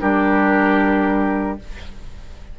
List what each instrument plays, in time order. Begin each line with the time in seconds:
0.00 bassoon G3, clarinet D4, oboe G4, flute A#4